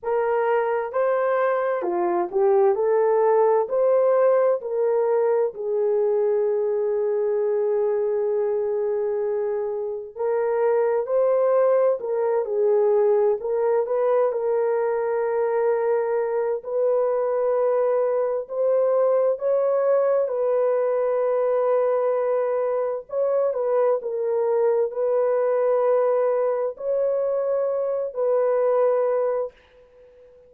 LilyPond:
\new Staff \with { instrumentName = "horn" } { \time 4/4 \tempo 4 = 65 ais'4 c''4 f'8 g'8 a'4 | c''4 ais'4 gis'2~ | gis'2. ais'4 | c''4 ais'8 gis'4 ais'8 b'8 ais'8~ |
ais'2 b'2 | c''4 cis''4 b'2~ | b'4 cis''8 b'8 ais'4 b'4~ | b'4 cis''4. b'4. | }